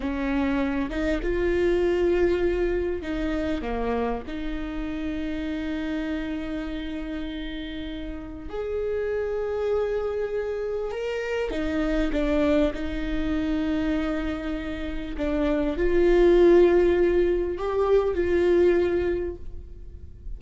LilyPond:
\new Staff \with { instrumentName = "viola" } { \time 4/4 \tempo 4 = 99 cis'4. dis'8 f'2~ | f'4 dis'4 ais4 dis'4~ | dis'1~ | dis'2 gis'2~ |
gis'2 ais'4 dis'4 | d'4 dis'2.~ | dis'4 d'4 f'2~ | f'4 g'4 f'2 | }